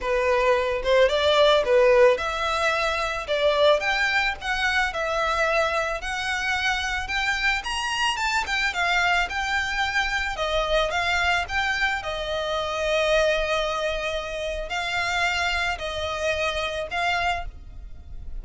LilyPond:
\new Staff \with { instrumentName = "violin" } { \time 4/4 \tempo 4 = 110 b'4. c''8 d''4 b'4 | e''2 d''4 g''4 | fis''4 e''2 fis''4~ | fis''4 g''4 ais''4 a''8 g''8 |
f''4 g''2 dis''4 | f''4 g''4 dis''2~ | dis''2. f''4~ | f''4 dis''2 f''4 | }